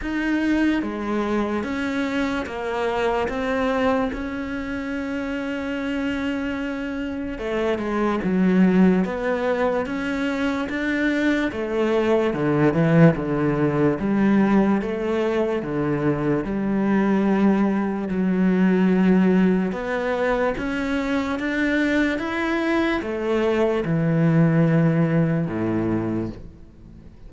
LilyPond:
\new Staff \with { instrumentName = "cello" } { \time 4/4 \tempo 4 = 73 dis'4 gis4 cis'4 ais4 | c'4 cis'2.~ | cis'4 a8 gis8 fis4 b4 | cis'4 d'4 a4 d8 e8 |
d4 g4 a4 d4 | g2 fis2 | b4 cis'4 d'4 e'4 | a4 e2 a,4 | }